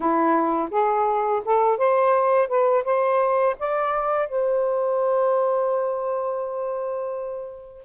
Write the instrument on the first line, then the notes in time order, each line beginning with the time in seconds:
saxophone
0.00 E4
0.70 G#4
1.44 A4
1.77 C5
2.48 B4
2.84 C5
3.59 D5
4.28 C5